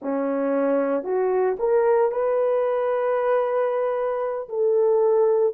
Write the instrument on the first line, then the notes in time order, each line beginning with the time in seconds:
horn
0.02 C#4
1.03 F#4
1.59 A#4
2.11 B4
4.49 A4